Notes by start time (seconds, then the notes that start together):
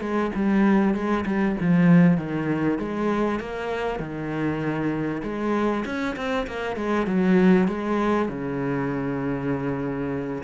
0.00 G#3
0.35 G3
0.94 G#3
1.25 G3
1.60 F3
2.17 D#3
2.78 G#3
3.40 A#3
3.99 D#3
5.23 G#3
5.85 C#4
6.16 C4
6.47 A#3
6.76 G#3
7.06 F#3
7.67 G#3
8.28 C#3